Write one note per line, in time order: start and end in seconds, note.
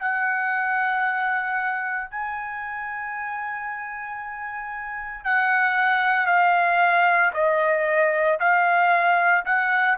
0.00 2.11 F#5
2.11 5.24 G#5
5.24 6.26 F#5
6.26 7.32 F5
7.33 8.39 D#5
8.40 9.45 F5
9.45 9.98 F#5